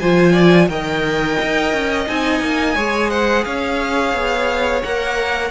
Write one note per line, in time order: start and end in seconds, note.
0.00 0.69 F3
0.00 0.70 F4
0.00 0.33 C5
0.00 0.69 G#5
0.33 0.67 D5
0.69 1.38 D#3
0.69 2.08 A#4
0.69 2.75 D#5
0.69 2.08 G5
1.42 1.73 D#4
1.73 2.08 C#4
2.08 2.41 C4
2.08 2.76 D#4
2.08 3.11 G#5
2.41 2.76 A#3
2.75 3.46 G#3
2.75 4.83 G#4
2.75 3.10 C#5
3.10 3.45 C5
3.10 3.45 F#5
3.45 4.14 C#4
3.45 5.51 C#5
3.45 4.82 F5
4.14 4.83 B3
4.83 5.51 A#3
4.83 5.51 A#4
4.83 5.51 F#5